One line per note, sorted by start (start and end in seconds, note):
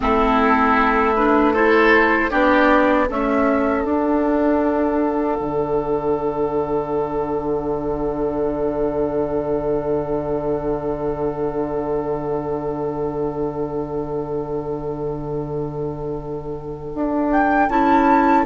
0.00 2.32 A3
0.00 1.15 C4
0.00 1.53 E4
0.00 1.15 A4
1.15 1.54 D4
1.15 1.54 B4
1.53 2.30 E4
1.53 2.30 A4
1.53 2.30 C5
2.30 3.09 B3
2.30 3.07 D4
2.30 3.07 G4
2.30 3.07 D5
3.07 3.83 A3
3.07 3.84 C#4
3.07 18.46 A4
3.07 3.84 E5
3.83 17.67 D4
3.83 5.38 D4
3.83 17.30 F#5
5.39 16.93 D3
16.94 17.68 D4
17.32 17.69 G5
17.68 18.45 C#4
17.68 18.46 E4
17.68 18.46 A5